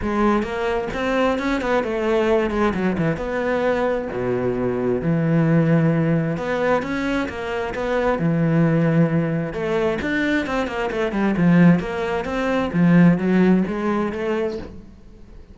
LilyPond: \new Staff \with { instrumentName = "cello" } { \time 4/4 \tempo 4 = 132 gis4 ais4 c'4 cis'8 b8 | a4. gis8 fis8 e8 b4~ | b4 b,2 e4~ | e2 b4 cis'4 |
ais4 b4 e2~ | e4 a4 d'4 c'8 ais8 | a8 g8 f4 ais4 c'4 | f4 fis4 gis4 a4 | }